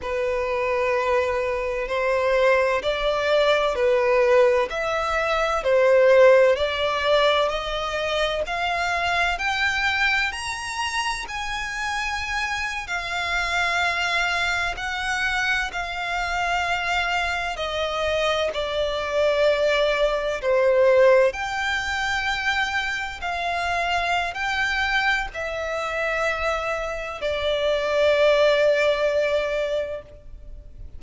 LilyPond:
\new Staff \with { instrumentName = "violin" } { \time 4/4 \tempo 4 = 64 b'2 c''4 d''4 | b'4 e''4 c''4 d''4 | dis''4 f''4 g''4 ais''4 | gis''4.~ gis''16 f''2 fis''16~ |
fis''8. f''2 dis''4 d''16~ | d''4.~ d''16 c''4 g''4~ g''16~ | g''8. f''4~ f''16 g''4 e''4~ | e''4 d''2. | }